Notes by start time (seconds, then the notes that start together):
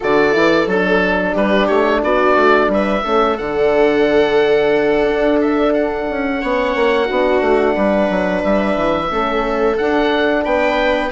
0.00 D3 F#4 A4 D5
0.32 E3 E4
0.66 F#3 D4 A4
1.32 G3 G4 B4
1.67 A3 C#5
2.03 B3 F#4 D5
2.36 A3
2.68 G3 B4 E5
3.04 A3 C#4 A4
3.37 D3 D4 F#5
5.03 D4
5.40 E5
5.73 F#5
6.09 C#4
6.39 B3 C#4 C#5
6.75 A#3
7.05 B3 D4 F#4
7.40 A3
7.75 G3 B4
8.09 F#3
8.43 G3 E5
8.76 E3
9.09 A3 C#4 A4
9.77 D4 F#5
10.44 B3 B4 G5